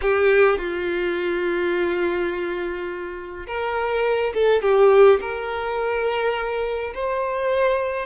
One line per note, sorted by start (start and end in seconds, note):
0.01 0.58 G4
0.58 3.46 F4
3.46 4.33 A#4
4.33 4.62 A4
4.62 5.19 G4
5.20 6.93 A#4
6.94 8.06 C5